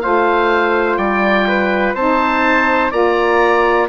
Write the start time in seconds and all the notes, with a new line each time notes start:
0.00 A3 F4 C5 F5
0.96 G3 D5 G5
1.48 B4
1.94 C4 D#4 C5 A5
2.91 A#3 F4 D5 A#5